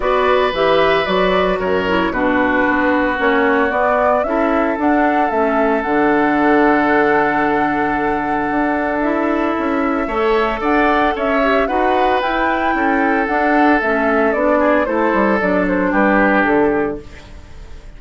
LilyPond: <<
  \new Staff \with { instrumentName = "flute" } { \time 4/4 \tempo 4 = 113 d''4 e''4 d''4 cis''4 | b'2 cis''4 d''4 | e''4 fis''4 e''4 fis''4~ | fis''1~ |
fis''4 e''2. | fis''4 e''4 fis''4 g''4~ | g''4 fis''4 e''4 d''4 | c''4 d''8 c''8 b'4 a'4 | }
  \new Staff \with { instrumentName = "oboe" } { \time 4/4 b'2. ais'4 | fis'1 | a'1~ | a'1~ |
a'2. cis''4 | d''4 cis''4 b'2 | a'2.~ a'8 gis'8 | a'2 g'2 | }
  \new Staff \with { instrumentName = "clarinet" } { \time 4/4 fis'4 g'4 fis'4. e'8 | d'2 cis'4 b4 | e'4 d'4 cis'4 d'4~ | d'1~ |
d'4 e'2 a'4~ | a'4. g'8 fis'4 e'4~ | e'4 d'4 cis'4 d'4 | e'4 d'2. | }
  \new Staff \with { instrumentName = "bassoon" } { \time 4/4 b4 e4 fis4 fis,4 | b,4 b4 ais4 b4 | cis'4 d'4 a4 d4~ | d1 |
d'2 cis'4 a4 | d'4 cis'4 dis'4 e'4 | cis'4 d'4 a4 b4 | a8 g8 fis4 g4 d4 | }
>>